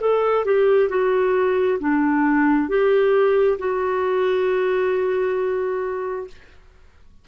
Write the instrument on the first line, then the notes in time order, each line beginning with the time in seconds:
clarinet
0.00 A4
0.45 G4
0.89 F#4
1.79 D4
2.69 G4
3.59 F#4